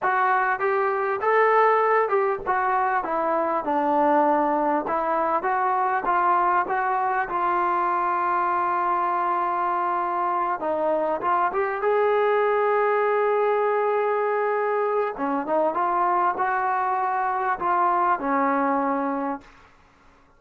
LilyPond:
\new Staff \with { instrumentName = "trombone" } { \time 4/4 \tempo 4 = 99 fis'4 g'4 a'4. g'8 | fis'4 e'4 d'2 | e'4 fis'4 f'4 fis'4 | f'1~ |
f'4. dis'4 f'8 g'8 gis'8~ | gis'1~ | gis'4 cis'8 dis'8 f'4 fis'4~ | fis'4 f'4 cis'2 | }